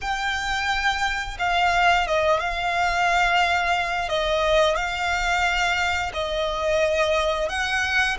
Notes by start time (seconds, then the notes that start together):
0.01 G5
1.39 F5
2.07 D#5
2.40 F5
4.08 D#5
4.75 F5
6.13 D#5
7.48 F#5